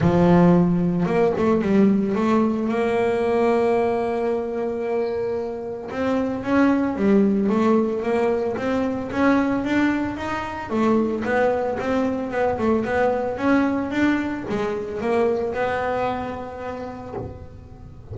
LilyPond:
\new Staff \with { instrumentName = "double bass" } { \time 4/4 \tempo 4 = 112 f2 ais8 a8 g4 | a4 ais2.~ | ais2. c'4 | cis'4 g4 a4 ais4 |
c'4 cis'4 d'4 dis'4 | a4 b4 c'4 b8 a8 | b4 cis'4 d'4 gis4 | ais4 b2. | }